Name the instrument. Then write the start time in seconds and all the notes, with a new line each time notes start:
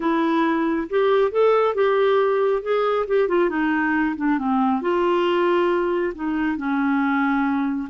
clarinet
0.00 E4
0.89 G4
1.31 A4
1.74 G4
2.62 G#4
3.07 G4
3.28 F4
3.49 D#4
4.16 D4
4.38 C4
4.81 F4
6.14 D#4
6.57 C#4